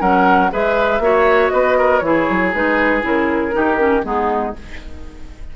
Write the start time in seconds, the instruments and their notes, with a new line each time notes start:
0.00 bassoon F#3, clarinet C#4, oboe A#4, flute F#5
0.51 bassoon G#3, clarinet G#4, oboe B4, flute E5
1.00 bassoon A#3, clarinet F#4, oboe C#5
1.50 bassoon B3, oboe B4, flute D#5
1.78 oboe A#4
2.00 bassoon E3, clarinet E4, flute C#5
2.07 oboe G#4
2.30 bassoon F#3
2.54 bassoon G#3, clarinet D#4, flute B4
3.01 bassoon C#3, clarinet E4, flute A#4
3.52 bassoon D#3, clarinet D#4, oboe G4
3.78 clarinet C#4
4.03 bassoon G#3, clarinet B3, oboe D#4, flute G#4